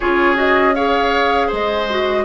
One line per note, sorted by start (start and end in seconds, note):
0.00 1.52 C#4
0.00 0.35 F4
0.00 0.75 G#4
0.00 0.36 C#5
0.35 0.73 F#4
0.35 0.74 D#5
0.74 1.89 G#4
0.74 1.47 C#5
0.74 1.50 F5
1.47 2.25 G#3
1.47 2.23 C5
1.47 2.25 D#5
1.89 2.25 F#4